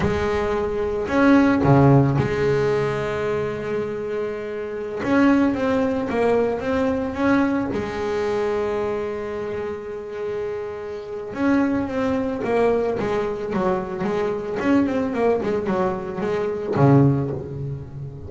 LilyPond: \new Staff \with { instrumentName = "double bass" } { \time 4/4 \tempo 4 = 111 gis2 cis'4 cis4 | gis1~ | gis4~ gis16 cis'4 c'4 ais8.~ | ais16 c'4 cis'4 gis4.~ gis16~ |
gis1~ | gis4 cis'4 c'4 ais4 | gis4 fis4 gis4 cis'8 c'8 | ais8 gis8 fis4 gis4 cis4 | }